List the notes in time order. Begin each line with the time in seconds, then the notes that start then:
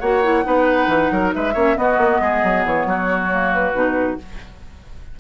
0.00 A#3 F#4 C#5 F#5
0.24 E4
0.44 B3 D#4 B4
0.88 E3
1.12 F#3 A#4
1.35 G#3 B4 E5
1.54 A#3 C#4 C#5
1.76 B3 F#4 D#5
1.98 A#3
2.20 G#3 G#4
2.44 F#3
2.66 E3 C#5
2.86 F#3 F#4
3.31 A#3
3.54 B4
3.74 B2 D#4